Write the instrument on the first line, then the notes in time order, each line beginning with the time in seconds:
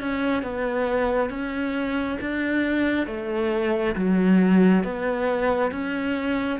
cello
0.00 C#4
0.43 B3
1.30 C#4
2.20 D4
3.06 A3
3.95 F#3
4.84 B3
5.71 C#4